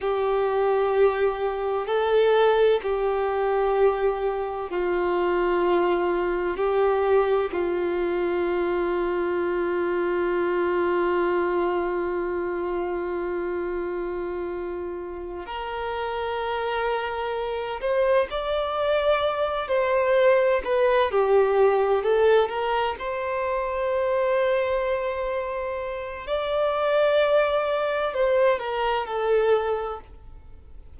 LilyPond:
\new Staff \with { instrumentName = "violin" } { \time 4/4 \tempo 4 = 64 g'2 a'4 g'4~ | g'4 f'2 g'4 | f'1~ | f'1~ |
f'8 ais'2~ ais'8 c''8 d''8~ | d''4 c''4 b'8 g'4 a'8 | ais'8 c''2.~ c''8 | d''2 c''8 ais'8 a'4 | }